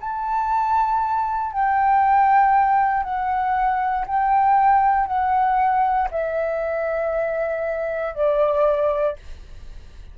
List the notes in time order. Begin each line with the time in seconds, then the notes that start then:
0.00 A5
1.52 G5
3.03 F#5
4.06 G5
5.06 F#5
6.11 E5
8.14 D5